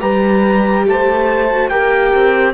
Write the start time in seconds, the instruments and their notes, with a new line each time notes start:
0.00 cello G3, viola G4, horn B4, trumpet A#5
0.86 cello A3, horn C5, trumpet A5
1.50 viola F#4
1.69 cello A#3, viola G4, horn A#4, trumpet G5
2.14 cello C4